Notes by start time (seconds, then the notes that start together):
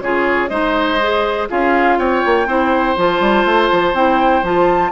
0.00 C#3 F4 G#4 C#5
0.48 G#3 D#4 C5 D#5
1.02 G#4
1.49 C#4 F4 G#4 F5
1.98 C4 C#5 G5
2.26 A#3
2.47 C4 E4 C5
2.97 F3 F4 A5
3.20 G3
3.45 A3
3.72 F3
3.94 C4 E4 G5
4.43 F3 F4 A5